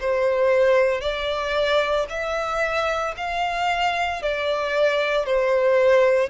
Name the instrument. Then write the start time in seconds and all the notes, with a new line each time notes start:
violin
0.00 C5
1.00 D5
2.09 E5
3.17 F5
4.22 D5
5.25 C5